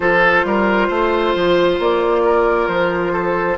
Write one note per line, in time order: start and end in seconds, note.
0.00 0.43 F3
0.00 3.55 F4
0.00 0.45 A4
0.00 1.79 C5
0.44 0.89 G3
0.44 0.88 A#4
0.88 1.34 A3
0.88 2.22 C5
1.35 1.79 F3
1.79 2.68 A#3
1.79 2.68 D5
2.24 3.12 A#4
2.68 3.57 F3
2.68 3.57 C5
3.12 3.57 A4